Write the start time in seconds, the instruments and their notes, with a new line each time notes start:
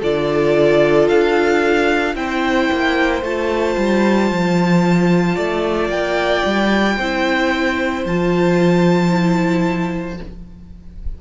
0.00 cello D3, viola F4, violin A4 D5
1.08 cello D4, violin F5
2.15 cello C4, viola E4, violin C5 G5
2.72 cello A#3
3.22 cello A3, viola F4, violin A5
3.77 cello G3
4.31 cello F3
5.35 cello A3, violin D5
5.90 cello A#3, violin G5
6.45 cello G3
6.97 cello C4, viola E4, violin C5
8.05 cello F3, viola F4, violin A5
9.09 viola E4